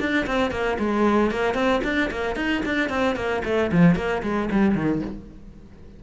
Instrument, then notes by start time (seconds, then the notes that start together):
cello
0.00 D4
0.27 C4
0.51 A#3
0.79 G#3
1.31 A#3
1.54 C4
1.84 D4
2.11 A#3
2.36 D#4
2.66 D4
2.89 C4
3.16 A#3
3.45 A3
3.72 F3
3.96 A#3
4.23 G#3
4.52 G3
4.75 D#3